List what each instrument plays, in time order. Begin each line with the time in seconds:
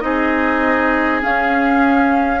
0.00 bassoon C4, clarinet D#4, oboe G#4, flute D#5
1.21 clarinet C#4, bassoon C#4, flute F5